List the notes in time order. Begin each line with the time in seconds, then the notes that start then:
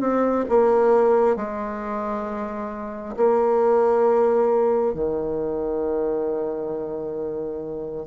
0.00 C4
0.49 A#3
1.36 G#3
3.17 A#3
4.94 D#3